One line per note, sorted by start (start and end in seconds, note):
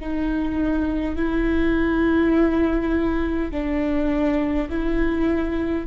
0.00 1.16 D#4
1.16 3.51 E4
3.51 4.69 D4
4.70 5.87 E4